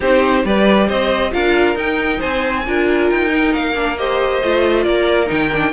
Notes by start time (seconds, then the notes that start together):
0.00 C4 D#4 G4 C5
0.44 G3 G4 B4 D5
0.87 C4 C5 D#5
1.31 D4 F4 A#4 F5
1.75 D#4 G5
2.19 C4 C5 G#5
2.66 D4 F4 A#4
3.09 D#4 G5
3.28 D#4
3.53 A#3 F5
3.75 D4
3.97 G4 C5 D#5
4.42 A3 F4
4.83 A#3 A#4 D5
5.26 D#3 D#4 G5
5.52 D4